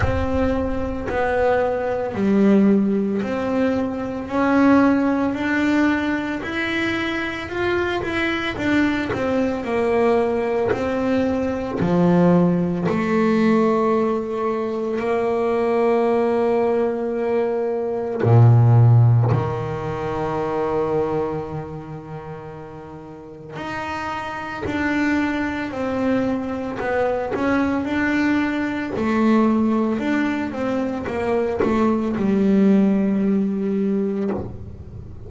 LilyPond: \new Staff \with { instrumentName = "double bass" } { \time 4/4 \tempo 4 = 56 c'4 b4 g4 c'4 | cis'4 d'4 e'4 f'8 e'8 | d'8 c'8 ais4 c'4 f4 | a2 ais2~ |
ais4 ais,4 dis2~ | dis2 dis'4 d'4 | c'4 b8 cis'8 d'4 a4 | d'8 c'8 ais8 a8 g2 | }